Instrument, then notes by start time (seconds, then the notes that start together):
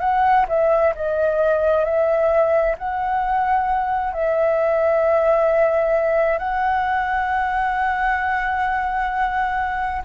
flute
0.00 F#5
0.48 E5
0.95 D#5
1.85 E5
2.78 F#5
4.13 E5
6.38 F#5